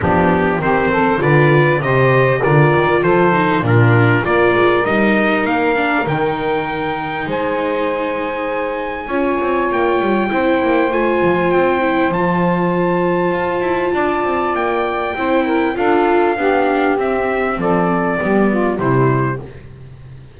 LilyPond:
<<
  \new Staff \with { instrumentName = "trumpet" } { \time 4/4 \tempo 4 = 99 g'4 c''4 d''4 dis''4 | d''4 c''4 ais'4 d''4 | dis''4 f''4 g''2 | gis''1 |
g''2 gis''4 g''4 | a''1 | g''2 f''2 | e''4 d''2 c''4 | }
  \new Staff \with { instrumentName = "saxophone" } { \time 4/4 d'4 g'8 a'8 b'4 c''4 | ais'4 a'4 f'4 ais'4~ | ais'1 | c''2. cis''4~ |
cis''4 c''2.~ | c''2. d''4~ | d''4 c''8 ais'8 a'4 g'4~ | g'4 a'4 g'8 f'8 e'4 | }
  \new Staff \with { instrumentName = "viola" } { \time 4/4 b4 c'4 f'4 g'4 | f'4. dis'8 d'4 f'4 | dis'4. d'8 dis'2~ | dis'2. f'4~ |
f'4 e'4 f'4. e'8 | f'1~ | f'4 e'4 f'4 d'4 | c'2 b4 g4 | }
  \new Staff \with { instrumentName = "double bass" } { \time 4/4 f4 dis4 d4 c4 | d8 dis8 f4 ais,4 ais8 gis8 | g4 ais4 dis2 | gis2. cis'8 c'8 |
ais8 g8 c'8 ais8 a8 f8 c'4 | f2 f'8 e'8 d'8 c'8 | ais4 c'4 d'4 b4 | c'4 f4 g4 c4 | }
>>